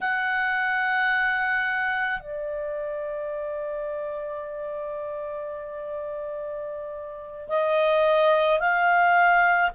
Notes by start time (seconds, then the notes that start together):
0.01 F#5
2.20 D5
7.48 D#5
8.59 F5